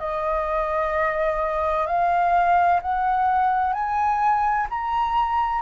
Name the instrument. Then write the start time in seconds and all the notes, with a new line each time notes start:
flute
0.00 D#5
1.87 F5
2.83 F#5
3.74 G#5
4.70 A#5